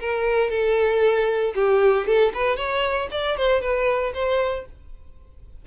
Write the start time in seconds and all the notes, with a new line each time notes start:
0.00 A#4
0.51 A4
1.55 G4
2.07 A4
2.34 B4
2.57 C#5
3.11 D5
3.37 C5
3.61 B4
4.14 C5